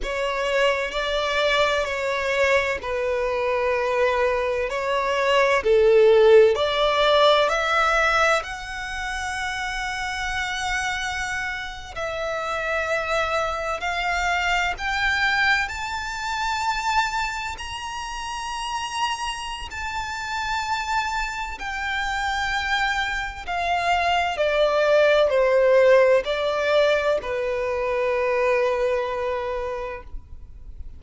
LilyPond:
\new Staff \with { instrumentName = "violin" } { \time 4/4 \tempo 4 = 64 cis''4 d''4 cis''4 b'4~ | b'4 cis''4 a'4 d''4 | e''4 fis''2.~ | fis''8. e''2 f''4 g''16~ |
g''8. a''2 ais''4~ ais''16~ | ais''4 a''2 g''4~ | g''4 f''4 d''4 c''4 | d''4 b'2. | }